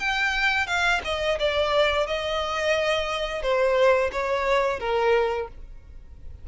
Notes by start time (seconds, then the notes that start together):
0.00 G5
0.68 F5
1.05 D#5
1.39 D5
2.07 D#5
3.43 C5
4.12 C#5
4.80 A#4